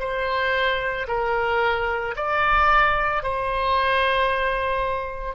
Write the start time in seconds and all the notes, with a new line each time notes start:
0.00 C5
1.08 A#4
2.16 D5
3.23 C5